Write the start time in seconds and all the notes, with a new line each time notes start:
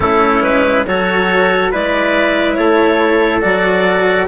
0.00 A3 C#4 E4 A4
0.41 G#3 B4
0.86 F#3 F#4 A4 C#5
1.71 G#3 E4 B4 D5
2.54 A3 A4 C#5
3.41 F#3 F#4 D5